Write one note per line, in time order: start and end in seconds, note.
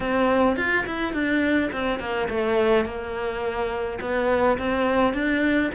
0.00 0.56 C4
0.56 0.85 F4
0.86 1.13 E4
1.13 1.70 D4
1.72 1.99 C4
1.99 2.28 A#3
2.29 2.85 A3
2.85 3.99 A#3
4.01 4.58 B3
4.58 5.13 C4
5.13 5.70 D4